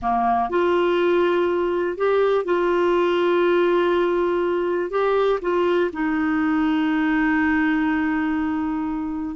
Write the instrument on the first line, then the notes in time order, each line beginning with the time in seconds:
clarinet
0.01 A#3
0.49 F4
1.97 G4
2.44 F4
4.90 G4
5.41 F4
5.92 D#4